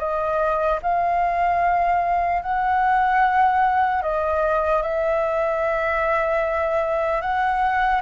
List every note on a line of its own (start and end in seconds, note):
0.00 0.80 D#5
0.83 2.43 F5
2.43 4.03 F#5
4.03 4.83 D#5
4.83 7.22 E5
7.22 8.02 F#5